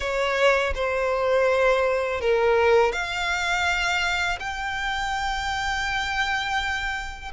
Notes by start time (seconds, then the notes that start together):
0.00 C#5
0.75 C5
2.20 A#4
2.92 F5
4.39 G5